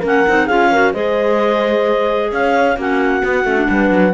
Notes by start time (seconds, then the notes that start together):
0.00 A#3 C#4 A#4
0.07 F#5
0.28 C4 D#4
0.46 C#4 F4 G#4 F5
0.72 F#4 A#4
0.93 G#3 G#4 C5 D#5
2.31 C#4 C#5 F5
2.77 A#3 C#4 F#4 F#5
3.22 B3
3.45 A3 C#4
3.56 D4
3.70 G3 B4
3.91 F#3